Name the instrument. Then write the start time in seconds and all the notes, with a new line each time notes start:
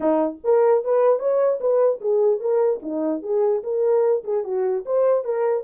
horn
0.00 D#4
0.44 A#4
0.84 B4
1.19 C#5
1.60 B4
2.01 G#4
2.40 A#4
2.82 D#4
3.22 G#4
3.63 A#4
4.24 G#4
4.43 F#4
4.85 C5
5.24 A#4